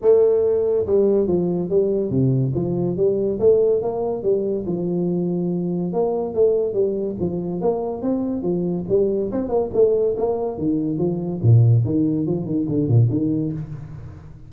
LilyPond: \new Staff \with { instrumentName = "tuba" } { \time 4/4 \tempo 4 = 142 a2 g4 f4 | g4 c4 f4 g4 | a4 ais4 g4 f4~ | f2 ais4 a4 |
g4 f4 ais4 c'4 | f4 g4 c'8 ais8 a4 | ais4 dis4 f4 ais,4 | dis4 f8 dis8 d8 ais,8 dis4 | }